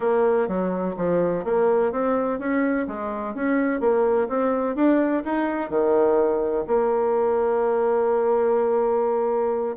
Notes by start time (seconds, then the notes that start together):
0.00 A#3
0.48 F#3
0.96 F3
1.44 A#3
1.92 C4
2.39 C#4
2.87 G#3
3.35 C#4
3.80 A#3
4.28 C4
4.75 D4
5.24 D#4
5.69 D#3
6.67 A#3